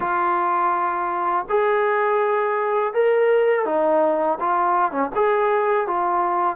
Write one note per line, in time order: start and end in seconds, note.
0.00 1.46 F4
1.49 2.93 G#4
2.93 3.65 A#4
3.65 4.38 D#4
4.39 4.91 F4
4.91 5.10 C#4
5.15 5.87 G#4
5.87 6.56 F4